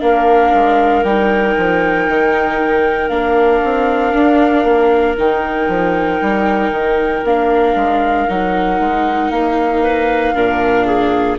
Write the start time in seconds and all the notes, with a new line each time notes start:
0.00 A#3 D4 A#4 F5
0.53 G#3
1.03 G3 D#4 G5
1.57 F3
2.08 D#3
3.08 A#3 D4 F5
3.64 C4
4.12 D4
4.64 A#3
5.18 D#3 D#4 G5
5.68 F3
6.21 G3
6.70 D#3
7.24 A#3 D4 F5
7.75 G#3
8.28 F#3 D#4 F#5
8.80 G#3
9.30 A#3 F5
9.83 B4
10.34 A#2 D4 A#4
10.85 G#4